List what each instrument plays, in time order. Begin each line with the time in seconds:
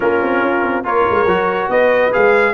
0.00 tuba A#3, trombone C#4, horn F4, trumpet A#4
0.21 tuba C4
0.42 tuba C#4
0.63 tuba C4
0.83 tuba A#3, trombone F4, horn A#4, trumpet C#5
1.09 tuba G#3
1.25 tuba F#3, trombone F#4
1.69 tuba B3, horn B4, trumpet D#5
2.12 tuba G#3, trombone G#4, trumpet F5